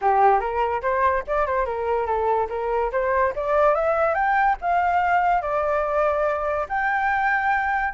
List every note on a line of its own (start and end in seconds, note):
0.01 0.40 G4
0.40 0.81 A#4
0.82 1.23 C5
1.27 1.46 D5
1.46 1.65 C5
1.65 2.06 A#4
2.06 2.48 A4
2.49 2.91 A#4
2.91 3.33 C5
3.35 3.74 D5
3.74 4.14 E5
4.14 4.56 G5
4.61 5.41 F5
5.41 6.66 D5
6.68 7.93 G5